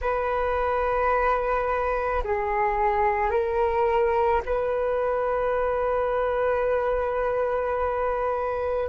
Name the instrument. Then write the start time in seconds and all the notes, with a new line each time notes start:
flute
0.01 B4
2.24 G#4
3.30 A#4
4.45 B4